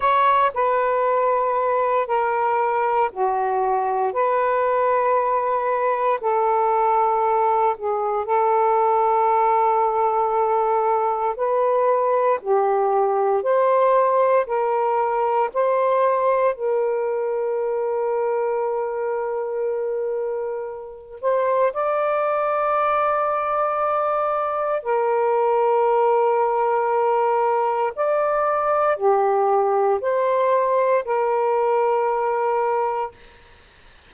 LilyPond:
\new Staff \with { instrumentName = "saxophone" } { \time 4/4 \tempo 4 = 58 cis''8 b'4. ais'4 fis'4 | b'2 a'4. gis'8 | a'2. b'4 | g'4 c''4 ais'4 c''4 |
ais'1~ | ais'8 c''8 d''2. | ais'2. d''4 | g'4 c''4 ais'2 | }